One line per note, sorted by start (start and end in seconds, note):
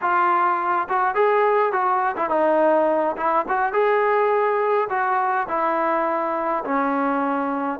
0.01 0.88 F4
0.88 1.14 F#4
1.14 1.72 G#4
1.72 2.15 F#4
2.16 2.29 E4
2.29 3.16 D#4
3.16 3.45 E4
3.48 3.72 F#4
3.72 4.88 G#4
4.89 5.47 F#4
5.48 6.63 E4
6.64 7.79 C#4